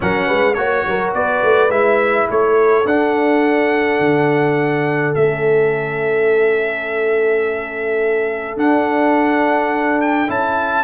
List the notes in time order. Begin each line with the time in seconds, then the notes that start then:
0.00 F#3 C#4 A#4 F#5
0.26 G#3 B4
0.53 A#3 F#4 C#5
0.86 F#3 A#4
1.13 B3 B4 D5
1.43 A3
1.69 G#3 E4 E5
2.30 A3 A4 C#5
2.85 D4 F#5
3.99 D3
5.14 A3 C#4 E5
8.56 D4 F#5
10.01 G5
10.27 C#4 E4 A5